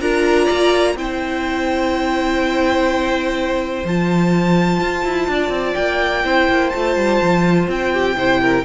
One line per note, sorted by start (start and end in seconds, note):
0.00 0.48 D4
0.00 0.96 F4
0.00 0.45 A#4
0.00 0.96 A#5
0.45 0.95 A#3
0.45 0.93 D5
0.95 3.83 C4
0.95 3.85 E4
0.95 5.31 C5
0.95 3.86 G5
3.84 4.80 F3
3.84 6.24 F4
3.84 5.74 A5
4.80 5.04 F4
5.04 5.28 E4
5.28 5.49 D4
5.28 6.25 D5
5.49 5.73 C4
5.74 6.24 A#3
5.74 6.69 G5
6.24 6.48 C4
6.24 6.72 E4
6.24 7.92 C5
6.49 6.73 A#3
6.69 6.96 A3
6.69 8.17 F4
6.69 7.65 A5
6.96 7.20 G3
7.22 7.67 F3
7.67 8.15 C4
7.67 8.64 G5
7.92 8.16 G4
8.15 8.63 C3
8.15 8.64 E4
8.15 8.41 C5
8.42 8.64 A#4